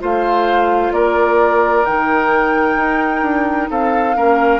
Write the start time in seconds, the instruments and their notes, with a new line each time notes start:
0.00 bassoon A3, clarinet F4, oboe C5, flute F5
0.91 bassoon A#3, oboe A#4, flute D5
1.85 bassoon D#3, clarinet D#4, flute G5
2.76 bassoon D#4
3.22 bassoon D4
3.70 bassoon C4, oboe A4, flute F5
4.16 bassoon A#3, clarinet C#4, oboe A#4